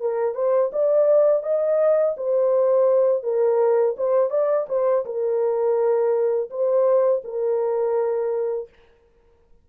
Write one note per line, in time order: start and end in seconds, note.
0.00 0.35 A#4
0.35 0.71 C5
0.72 1.43 D5
1.43 2.15 D#5
2.17 3.23 C5
3.23 3.95 A#4
3.97 4.30 C5
4.30 4.66 D5
4.69 5.05 C5
5.05 6.50 A#4
6.50 7.22 C5
7.24 8.69 A#4